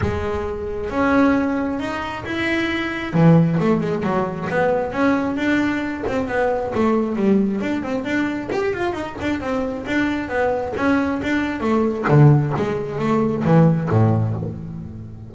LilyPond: \new Staff \with { instrumentName = "double bass" } { \time 4/4 \tempo 4 = 134 gis2 cis'2 | dis'4 e'2 e4 | a8 gis8 fis4 b4 cis'4 | d'4. c'8 b4 a4 |
g4 d'8 c'8 d'4 g'8 f'8 | dis'8 d'8 c'4 d'4 b4 | cis'4 d'4 a4 d4 | gis4 a4 e4 a,4 | }